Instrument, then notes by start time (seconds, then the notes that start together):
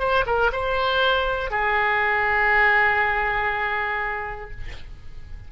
oboe
0.00 C5
0.27 A#4
0.52 C5
1.51 G#4